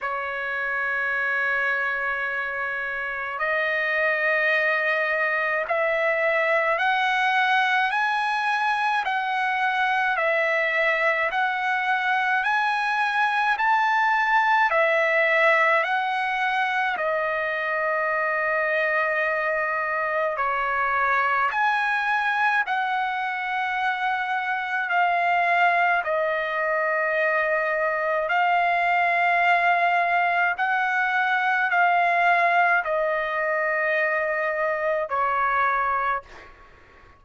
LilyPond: \new Staff \with { instrumentName = "trumpet" } { \time 4/4 \tempo 4 = 53 cis''2. dis''4~ | dis''4 e''4 fis''4 gis''4 | fis''4 e''4 fis''4 gis''4 | a''4 e''4 fis''4 dis''4~ |
dis''2 cis''4 gis''4 | fis''2 f''4 dis''4~ | dis''4 f''2 fis''4 | f''4 dis''2 cis''4 | }